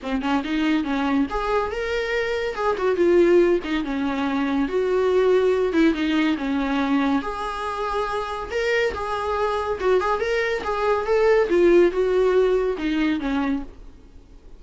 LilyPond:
\new Staff \with { instrumentName = "viola" } { \time 4/4 \tempo 4 = 141 c'8 cis'8 dis'4 cis'4 gis'4 | ais'2 gis'8 fis'8 f'4~ | f'8 dis'8 cis'2 fis'4~ | fis'4. e'8 dis'4 cis'4~ |
cis'4 gis'2. | ais'4 gis'2 fis'8 gis'8 | ais'4 gis'4 a'4 f'4 | fis'2 dis'4 cis'4 | }